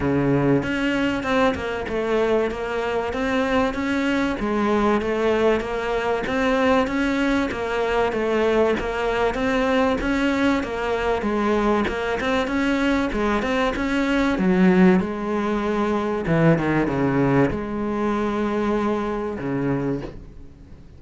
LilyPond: \new Staff \with { instrumentName = "cello" } { \time 4/4 \tempo 4 = 96 cis4 cis'4 c'8 ais8 a4 | ais4 c'4 cis'4 gis4 | a4 ais4 c'4 cis'4 | ais4 a4 ais4 c'4 |
cis'4 ais4 gis4 ais8 c'8 | cis'4 gis8 c'8 cis'4 fis4 | gis2 e8 dis8 cis4 | gis2. cis4 | }